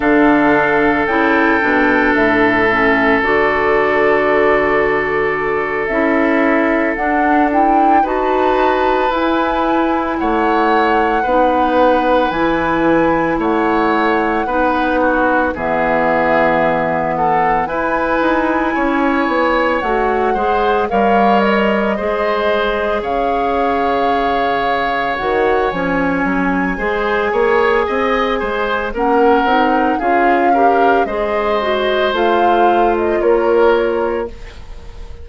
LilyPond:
<<
  \new Staff \with { instrumentName = "flute" } { \time 4/4 \tempo 4 = 56 f''4 g''4 e''4 d''4~ | d''4. e''4 fis''8 g''8 a''8~ | a''8 gis''4 fis''2 gis''8~ | gis''8 fis''2 e''4. |
fis''8 gis''2 fis''4 f''8 | dis''4. f''2 fis''8 | gis''2. fis''4 | f''4 dis''4 f''8. dis''16 cis''4 | }
  \new Staff \with { instrumentName = "oboe" } { \time 4/4 a'1~ | a'2.~ a'8 b'8~ | b'4. cis''4 b'4.~ | b'8 cis''4 b'8 fis'8 gis'4. |
a'8 b'4 cis''4. c''8 cis''8~ | cis''8 c''4 cis''2~ cis''8~ | cis''4 c''8 cis''8 dis''8 c''8 ais'4 | gis'8 ais'8 c''2 ais'4 | }
  \new Staff \with { instrumentName = "clarinet" } { \time 4/4 d'4 e'8 d'4 cis'8 fis'4~ | fis'4. e'4 d'8 e'8 fis'8~ | fis'8 e'2 dis'4 e'8~ | e'4. dis'4 b4.~ |
b8 e'2 fis'8 gis'8 ais'8~ | ais'8 gis'2. fis'8 | cis'4 gis'2 cis'8 dis'8 | f'8 g'8 gis'8 fis'8 f'2 | }
  \new Staff \with { instrumentName = "bassoon" } { \time 4/4 d4 cis8 b,8 a,4 d4~ | d4. cis'4 d'4 dis'8~ | dis'8 e'4 a4 b4 e8~ | e8 a4 b4 e4.~ |
e8 e'8 dis'8 cis'8 b8 a8 gis8 g8~ | g8 gis4 cis2 dis8 | f8 fis8 gis8 ais8 c'8 gis8 ais8 c'8 | cis'4 gis4 a4 ais4 | }
>>